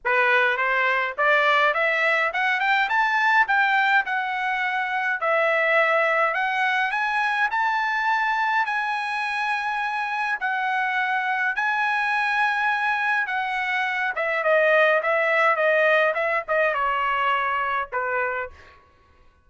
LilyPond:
\new Staff \with { instrumentName = "trumpet" } { \time 4/4 \tempo 4 = 104 b'4 c''4 d''4 e''4 | fis''8 g''8 a''4 g''4 fis''4~ | fis''4 e''2 fis''4 | gis''4 a''2 gis''4~ |
gis''2 fis''2 | gis''2. fis''4~ | fis''8 e''8 dis''4 e''4 dis''4 | e''8 dis''8 cis''2 b'4 | }